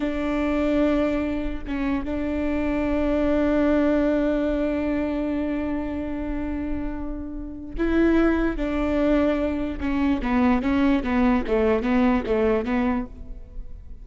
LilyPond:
\new Staff \with { instrumentName = "viola" } { \time 4/4 \tempo 4 = 147 d'1 | cis'4 d'2.~ | d'1~ | d'1~ |
d'2. e'4~ | e'4 d'2. | cis'4 b4 cis'4 b4 | a4 b4 a4 b4 | }